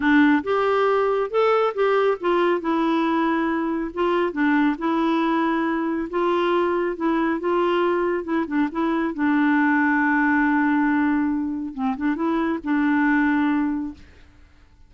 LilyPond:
\new Staff \with { instrumentName = "clarinet" } { \time 4/4 \tempo 4 = 138 d'4 g'2 a'4 | g'4 f'4 e'2~ | e'4 f'4 d'4 e'4~ | e'2 f'2 |
e'4 f'2 e'8 d'8 | e'4 d'2.~ | d'2. c'8 d'8 | e'4 d'2. | }